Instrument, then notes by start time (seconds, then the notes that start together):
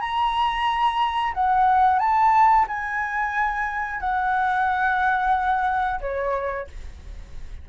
flute
0.00 A#5
1.34 F#5
1.99 A5
2.68 G#5
4.00 F#5
6.01 C#5